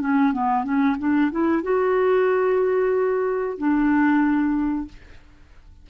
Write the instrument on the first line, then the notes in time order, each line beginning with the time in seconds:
clarinet
0.00 C#4
0.32 B3
0.64 C#4
0.98 D4
1.31 E4
1.62 F#4
3.58 D4